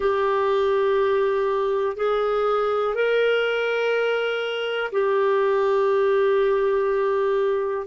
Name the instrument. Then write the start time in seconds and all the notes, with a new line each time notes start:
clarinet
0.00 G4
1.96 G#4
2.94 A#4
4.92 G4